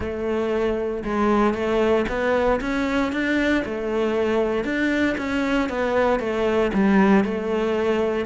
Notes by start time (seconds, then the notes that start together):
0.00 A3
1.03 G#3
1.54 A3
2.08 B3
2.60 C#4
3.12 D4
3.64 A3
4.64 D4
5.17 C#4
5.69 B3
6.19 A3
6.73 G3
7.24 A3